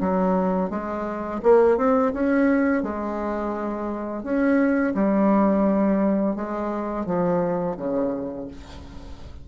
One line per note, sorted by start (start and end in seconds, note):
0.00 0.70 F#3
0.70 1.41 G#3
1.43 1.77 A#3
1.77 2.12 C4
2.13 2.83 C#4
2.83 4.23 G#3
4.23 4.93 C#4
4.94 6.35 G3
6.35 7.06 G#3
7.06 7.76 F3
7.77 8.47 C#3